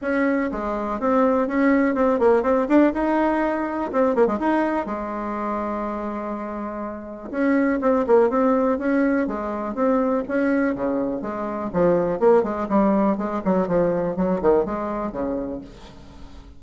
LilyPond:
\new Staff \with { instrumentName = "bassoon" } { \time 4/4 \tempo 4 = 123 cis'4 gis4 c'4 cis'4 | c'8 ais8 c'8 d'8 dis'2 | c'8 ais16 gis16 dis'4 gis2~ | gis2. cis'4 |
c'8 ais8 c'4 cis'4 gis4 | c'4 cis'4 cis4 gis4 | f4 ais8 gis8 g4 gis8 fis8 | f4 fis8 dis8 gis4 cis4 | }